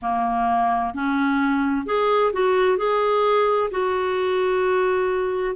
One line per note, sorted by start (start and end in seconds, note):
0.02 0.94 A#3
0.94 1.86 C#4
1.86 2.32 G#4
2.32 2.77 F#4
2.77 3.69 G#4
3.70 5.55 F#4